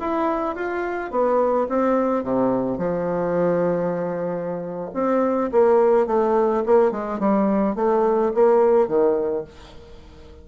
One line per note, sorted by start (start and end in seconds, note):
0.00 0.55 E4
0.55 1.11 F4
1.11 1.68 B3
1.69 2.23 C4
2.23 2.78 C3
2.78 4.90 F3
4.94 5.51 C4
5.52 6.07 A#3
6.07 6.63 A3
6.66 6.92 A#3
6.92 7.19 G#3
7.19 7.75 G3
7.75 8.32 A3
8.34 8.88 A#3
8.88 9.44 D#3